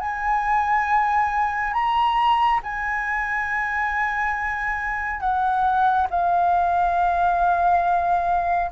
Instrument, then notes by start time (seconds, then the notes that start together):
flute
0.00 G#5
1.74 A#5
2.63 G#5
5.20 F#5
6.10 F5